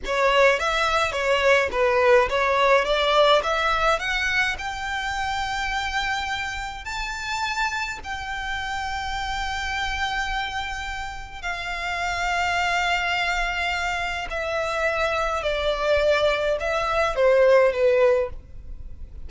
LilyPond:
\new Staff \with { instrumentName = "violin" } { \time 4/4 \tempo 4 = 105 cis''4 e''4 cis''4 b'4 | cis''4 d''4 e''4 fis''4 | g''1 | a''2 g''2~ |
g''1 | f''1~ | f''4 e''2 d''4~ | d''4 e''4 c''4 b'4 | }